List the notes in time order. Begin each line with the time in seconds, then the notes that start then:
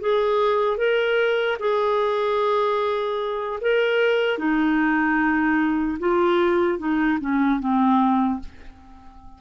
0.00 G#4
0.77 A#4
1.59 G#4
3.61 A#4
4.38 D#4
5.99 F4
6.79 D#4
7.20 C#4
7.60 C4